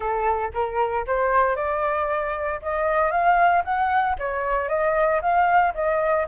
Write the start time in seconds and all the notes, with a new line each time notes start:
0.00 A4
0.53 A#4
1.06 C5
1.56 D5
2.62 D#5
3.11 F5
3.64 F#5
4.19 C#5
4.68 D#5
5.21 F5
5.74 D#5